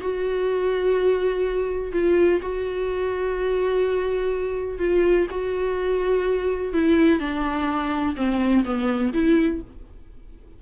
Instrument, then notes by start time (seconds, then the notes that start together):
viola
0.00 F#4
1.92 F4
2.41 F#4
4.79 F4
5.30 F#4
6.73 E4
7.19 D4
8.16 C4
8.64 B3
9.13 E4